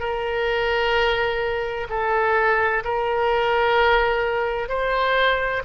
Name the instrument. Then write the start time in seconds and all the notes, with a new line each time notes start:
oboe
0.00 A#4
1.90 A4
2.85 A#4
4.69 C5